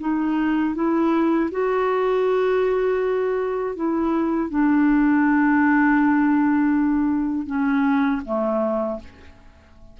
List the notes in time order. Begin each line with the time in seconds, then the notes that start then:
0.00 D#4
0.75 E4
1.51 F#4
3.76 E4
4.50 D4
7.47 C#4
8.25 A3